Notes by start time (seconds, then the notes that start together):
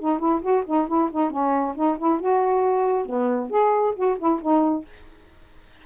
0.00 D#4
0.19 E4
0.42 F#4
0.67 D#4
0.88 E4
1.12 D#4
1.31 C#4
1.76 D#4
1.99 E4
2.20 F#4
3.06 B3
3.51 G#4
3.96 F#4
4.19 E4
4.42 D#4